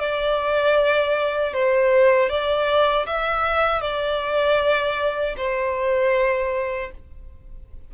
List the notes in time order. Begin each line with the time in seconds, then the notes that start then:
0.00 D5
1.54 C5
2.29 D5
3.07 E5
3.81 D5
5.37 C5